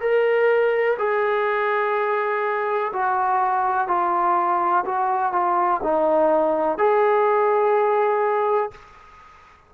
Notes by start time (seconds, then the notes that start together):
0.00 A#4
0.98 G#4
2.93 F#4
3.88 F4
4.85 F#4
5.32 F4
5.83 D#4
6.77 G#4